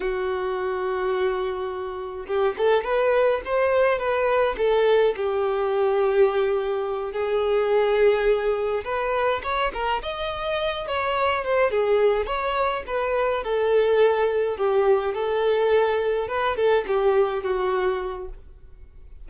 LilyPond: \new Staff \with { instrumentName = "violin" } { \time 4/4 \tempo 4 = 105 fis'1 | g'8 a'8 b'4 c''4 b'4 | a'4 g'2.~ | g'8 gis'2. b'8~ |
b'8 cis''8 ais'8 dis''4. cis''4 | c''8 gis'4 cis''4 b'4 a'8~ | a'4. g'4 a'4.~ | a'8 b'8 a'8 g'4 fis'4. | }